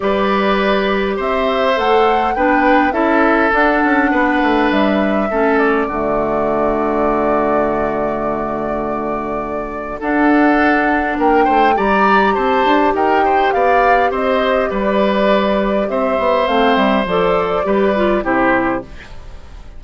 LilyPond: <<
  \new Staff \with { instrumentName = "flute" } { \time 4/4 \tempo 4 = 102 d''2 e''4 fis''4 | g''4 e''4 fis''2 | e''4. d''2~ d''8~ | d''1~ |
d''4 fis''2 g''4 | ais''4 a''4 g''4 f''4 | dis''4 d''2 e''4 | f''8 e''8 d''2 c''4 | }
  \new Staff \with { instrumentName = "oboe" } { \time 4/4 b'2 c''2 | b'4 a'2 b'4~ | b'4 a'4 fis'2~ | fis'1~ |
fis'4 a'2 ais'8 c''8 | d''4 c''4 ais'8 c''8 d''4 | c''4 b'2 c''4~ | c''2 b'4 g'4 | }
  \new Staff \with { instrumentName = "clarinet" } { \time 4/4 g'2. a'4 | d'4 e'4 d'2~ | d'4 cis'4 a2~ | a1~ |
a4 d'2. | g'1~ | g'1 | c'4 a'4 g'8 f'8 e'4 | }
  \new Staff \with { instrumentName = "bassoon" } { \time 4/4 g2 c'4 a4 | b4 cis'4 d'8 cis'8 b8 a8 | g4 a4 d2~ | d1~ |
d4 d'2 ais8 a8 | g4 c'8 d'8 dis'4 b4 | c'4 g2 c'8 b8 | a8 g8 f4 g4 c4 | }
>>